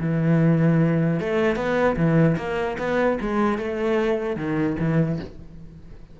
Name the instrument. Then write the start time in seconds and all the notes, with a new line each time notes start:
cello
0.00 E3
1.20 A3
1.56 B3
1.96 E3
2.37 A#3
2.78 B3
3.21 G#3
3.58 A3
4.36 D#3
4.80 E3